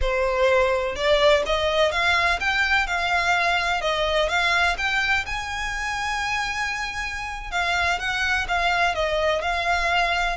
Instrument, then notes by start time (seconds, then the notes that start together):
violin
0.01 C5
0.95 D5
1.45 D#5
1.91 F5
2.40 G5
2.86 F5
3.81 D#5
4.29 F5
4.77 G5
5.26 G#5
7.51 F5
7.99 F#5
8.48 F5
8.94 D#5
9.41 F5